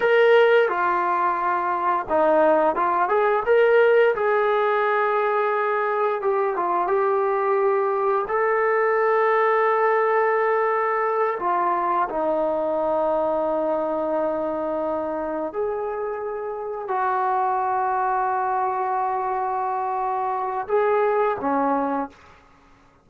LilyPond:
\new Staff \with { instrumentName = "trombone" } { \time 4/4 \tempo 4 = 87 ais'4 f'2 dis'4 | f'8 gis'8 ais'4 gis'2~ | gis'4 g'8 f'8 g'2 | a'1~ |
a'8 f'4 dis'2~ dis'8~ | dis'2~ dis'8 gis'4.~ | gis'8 fis'2.~ fis'8~ | fis'2 gis'4 cis'4 | }